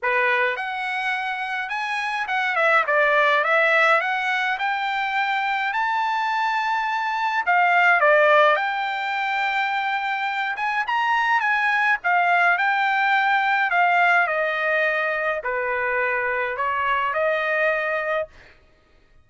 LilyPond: \new Staff \with { instrumentName = "trumpet" } { \time 4/4 \tempo 4 = 105 b'4 fis''2 gis''4 | fis''8 e''8 d''4 e''4 fis''4 | g''2 a''2~ | a''4 f''4 d''4 g''4~ |
g''2~ g''8 gis''8 ais''4 | gis''4 f''4 g''2 | f''4 dis''2 b'4~ | b'4 cis''4 dis''2 | }